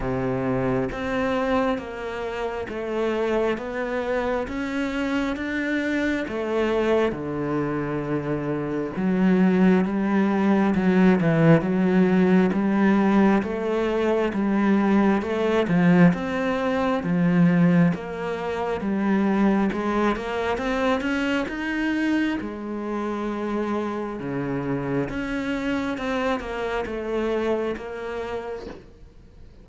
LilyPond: \new Staff \with { instrumentName = "cello" } { \time 4/4 \tempo 4 = 67 c4 c'4 ais4 a4 | b4 cis'4 d'4 a4 | d2 fis4 g4 | fis8 e8 fis4 g4 a4 |
g4 a8 f8 c'4 f4 | ais4 g4 gis8 ais8 c'8 cis'8 | dis'4 gis2 cis4 | cis'4 c'8 ais8 a4 ais4 | }